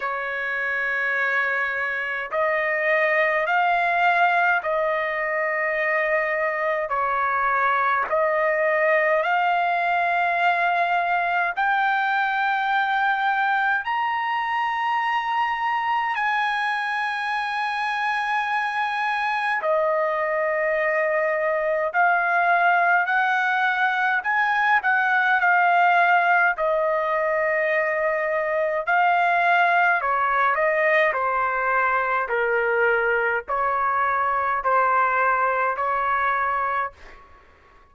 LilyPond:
\new Staff \with { instrumentName = "trumpet" } { \time 4/4 \tempo 4 = 52 cis''2 dis''4 f''4 | dis''2 cis''4 dis''4 | f''2 g''2 | ais''2 gis''2~ |
gis''4 dis''2 f''4 | fis''4 gis''8 fis''8 f''4 dis''4~ | dis''4 f''4 cis''8 dis''8 c''4 | ais'4 cis''4 c''4 cis''4 | }